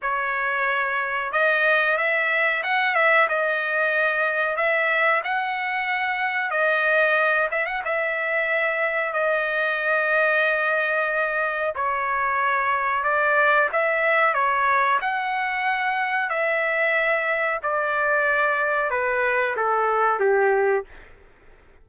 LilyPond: \new Staff \with { instrumentName = "trumpet" } { \time 4/4 \tempo 4 = 92 cis''2 dis''4 e''4 | fis''8 e''8 dis''2 e''4 | fis''2 dis''4. e''16 fis''16 | e''2 dis''2~ |
dis''2 cis''2 | d''4 e''4 cis''4 fis''4~ | fis''4 e''2 d''4~ | d''4 b'4 a'4 g'4 | }